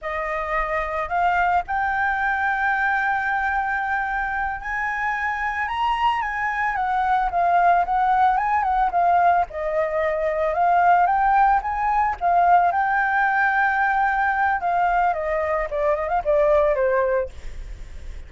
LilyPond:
\new Staff \with { instrumentName = "flute" } { \time 4/4 \tempo 4 = 111 dis''2 f''4 g''4~ | g''1~ | g''8 gis''2 ais''4 gis''8~ | gis''8 fis''4 f''4 fis''4 gis''8 |
fis''8 f''4 dis''2 f''8~ | f''8 g''4 gis''4 f''4 g''8~ | g''2. f''4 | dis''4 d''8 dis''16 f''16 d''4 c''4 | }